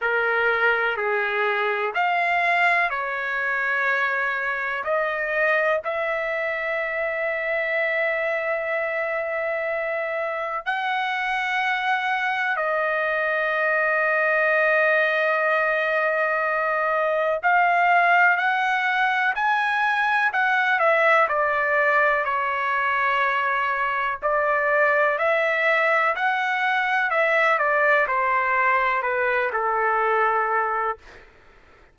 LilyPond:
\new Staff \with { instrumentName = "trumpet" } { \time 4/4 \tempo 4 = 62 ais'4 gis'4 f''4 cis''4~ | cis''4 dis''4 e''2~ | e''2. fis''4~ | fis''4 dis''2.~ |
dis''2 f''4 fis''4 | gis''4 fis''8 e''8 d''4 cis''4~ | cis''4 d''4 e''4 fis''4 | e''8 d''8 c''4 b'8 a'4. | }